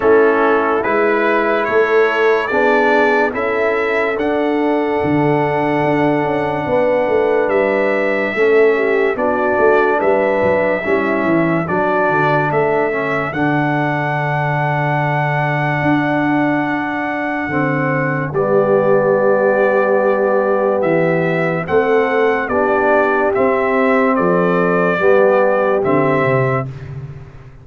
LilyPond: <<
  \new Staff \with { instrumentName = "trumpet" } { \time 4/4 \tempo 4 = 72 a'4 b'4 cis''4 d''4 | e''4 fis''2.~ | fis''4 e''2 d''4 | e''2 d''4 e''4 |
fis''1~ | fis''2 d''2~ | d''4 e''4 fis''4 d''4 | e''4 d''2 e''4 | }
  \new Staff \with { instrumentName = "horn" } { \time 4/4 e'2 a'4 gis'4 | a'1 | b'2 a'8 g'8 fis'4 | b'4 e'4 fis'4 a'4~ |
a'1~ | a'2 g'2~ | g'2 a'4 g'4~ | g'4 a'4 g'2 | }
  \new Staff \with { instrumentName = "trombone" } { \time 4/4 cis'4 e'2 d'4 | e'4 d'2.~ | d'2 cis'4 d'4~ | d'4 cis'4 d'4. cis'8 |
d'1~ | d'4 c'4 b2~ | b2 c'4 d'4 | c'2 b4 c'4 | }
  \new Staff \with { instrumentName = "tuba" } { \time 4/4 a4 gis4 a4 b4 | cis'4 d'4 d4 d'8 cis'8 | b8 a8 g4 a4 b8 a8 | g8 fis8 g8 e8 fis8 d8 a4 |
d2. d'4~ | d'4 d4 g2~ | g4 e4 a4 b4 | c'4 f4 g4 d8 c8 | }
>>